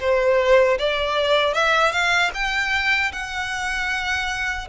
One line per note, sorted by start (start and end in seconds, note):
0.00 0.78 C5
0.79 1.54 D5
1.54 1.92 E5
1.92 2.31 F5
2.34 3.12 G5
3.12 4.68 F#5